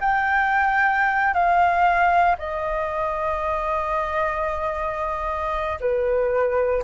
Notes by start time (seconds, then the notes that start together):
0.00 G5
1.33 F5
2.38 D#5
5.80 B4